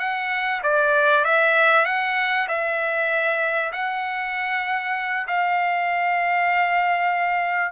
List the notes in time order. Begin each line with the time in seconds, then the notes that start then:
0.00 F#5
0.64 D5
1.25 E5
1.86 F#5
2.49 E5
3.73 F#5
5.28 F5